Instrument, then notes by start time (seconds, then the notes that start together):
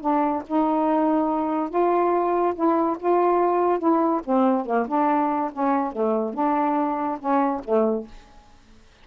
saxophone
0.00 D4
0.47 D#4
1.69 F4
2.54 E4
2.99 F4
3.79 E4
4.24 C4
4.66 A#3
4.87 D4
5.52 C#4
5.92 A3
6.34 D4
7.19 C#4
7.64 A3